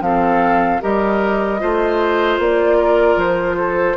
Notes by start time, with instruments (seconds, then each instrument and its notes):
0.00 bassoon F3, clarinet C4, oboe A4, flute F5
0.80 bassoon G3, clarinet G4, oboe A#4, flute D#5
1.59 bassoon A3, clarinet F4, oboe C5
2.38 bassoon A#3, flute D5
2.77 oboe A#4
3.16 bassoon F3, flute C5
3.57 oboe A4